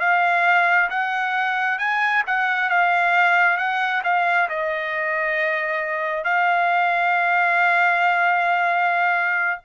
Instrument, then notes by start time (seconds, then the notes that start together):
trumpet
0.00 F5
0.90 F#5
1.79 G#5
2.27 F#5
2.69 F5
3.57 F#5
4.04 F5
4.49 D#5
6.24 F5